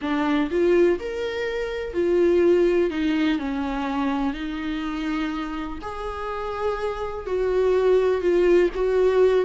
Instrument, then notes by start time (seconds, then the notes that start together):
viola
0.01 D4
0.50 F4
0.99 A#4
1.93 F4
2.90 D#4
3.38 C#4
4.33 D#4
5.81 G#4
7.26 F#4
8.21 F4
8.74 F#4